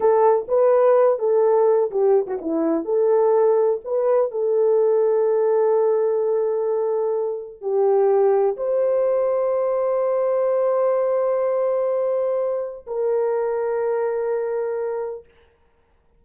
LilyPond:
\new Staff \with { instrumentName = "horn" } { \time 4/4 \tempo 4 = 126 a'4 b'4. a'4. | g'8. fis'16 e'4 a'2 | b'4 a'2.~ | a'1 |
g'2 c''2~ | c''1~ | c''2. ais'4~ | ais'1 | }